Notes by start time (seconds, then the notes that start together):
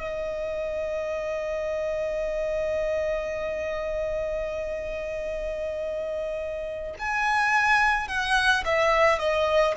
0.00 D#5
6.98 G#5
8.08 F#5
8.65 E5
9.19 D#5